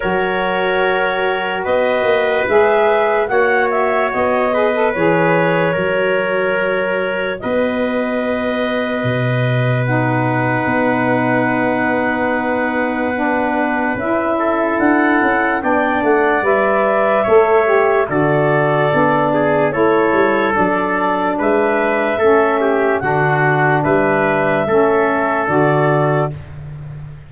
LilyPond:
<<
  \new Staff \with { instrumentName = "clarinet" } { \time 4/4 \tempo 4 = 73 cis''2 dis''4 e''4 | fis''8 e''8 dis''4 cis''2~ | cis''4 dis''2. | fis''1~ |
fis''4 e''4 fis''4 g''8 fis''8 | e''2 d''2 | cis''4 d''4 e''2 | fis''4 e''2 d''4 | }
  \new Staff \with { instrumentName = "trumpet" } { \time 4/4 ais'2 b'2 | cis''4. b'4. ais'4~ | ais'4 b'2.~ | b'1~ |
b'4. a'4. d''4~ | d''4 cis''4 a'4. gis'8 | a'2 b'4 a'8 g'8 | fis'4 b'4 a'2 | }
  \new Staff \with { instrumentName = "saxophone" } { \time 4/4 fis'2. gis'4 | fis'4. gis'16 a'16 gis'4 fis'4~ | fis'1 | dis'1 |
d'4 e'2 d'4 | b'4 a'8 g'8 fis'4 d'4 | e'4 d'2 cis'4 | d'2 cis'4 fis'4 | }
  \new Staff \with { instrumentName = "tuba" } { \time 4/4 fis2 b8 ais8 gis4 | ais4 b4 e4 fis4~ | fis4 b2 b,4~ | b,4 b2.~ |
b4 cis'4 d'8 cis'8 b8 a8 | g4 a4 d4 b4 | a8 g8 fis4 gis4 a4 | d4 g4 a4 d4 | }
>>